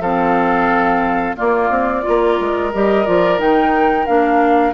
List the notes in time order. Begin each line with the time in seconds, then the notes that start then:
0.00 F3 C4 A4 F5
1.37 A#3 F4 D5
1.70 C4
2.03 A#3 F4 A#4
2.40 G#3
2.74 G3 G4 D#5
3.06 F3 F4 D5
3.38 D#3 D#4 G5
4.06 A#3 D4 F5